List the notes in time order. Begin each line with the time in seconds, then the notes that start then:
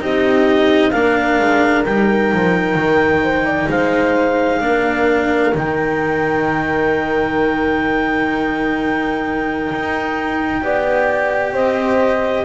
0.00 C4 D#4 G4 D#5
0.92 A#3 D4 A#4 F5
1.40 G#3
1.85 G3 D#4 G5
2.34 F3
2.75 D#3
3.23 C5
3.46 D5
3.69 G#3 C5 F5
4.61 A#3 D4 A#4
5.55 D#3 D#4 G5
9.72 D#4
10.62 B3 G4 D5
11.53 C4 C5 D#5